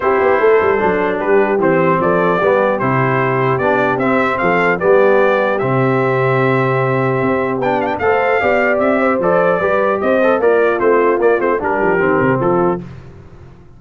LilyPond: <<
  \new Staff \with { instrumentName = "trumpet" } { \time 4/4 \tempo 4 = 150 c''2. b'4 | c''4 d''2 c''4~ | c''4 d''4 e''4 f''4 | d''2 e''2~ |
e''2. g''8 f''16 g''16 | f''2 e''4 d''4~ | d''4 dis''4 d''4 c''4 | d''8 c''8 ais'2 a'4 | }
  \new Staff \with { instrumentName = "horn" } { \time 4/4 g'4 a'2 g'4~ | g'4 a'4 g'2~ | g'2. a'4 | g'1~ |
g'1 | c''4 d''4. c''4. | b'4 c''4 f'2~ | f'4 g'2 f'4 | }
  \new Staff \with { instrumentName = "trombone" } { \time 4/4 e'2 d'2 | c'2 b4 e'4~ | e'4 d'4 c'2 | b2 c'2~ |
c'2. d'4 | a'4 g'2 a'4 | g'4. a'8 ais'4 c'4 | ais8 c'8 d'4 c'2 | }
  \new Staff \with { instrumentName = "tuba" } { \time 4/4 c'8 b8 a8 g8 fis4 g4 | e4 f4 g4 c4~ | c4 b4 c'4 f4 | g2 c2~ |
c2 c'4 b4 | a4 b4 c'4 f4 | g4 c'4 ais4 a4 | ais8 a8 g8 f8 dis8 c8 f4 | }
>>